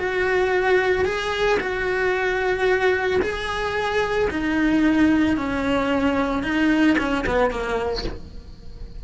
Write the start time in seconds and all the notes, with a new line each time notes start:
0.00 F#4
1.05 G#4
1.60 F#4
3.22 G#4
4.31 D#4
5.37 C#4
6.44 D#4
6.99 C#4
7.27 B3
7.51 A#3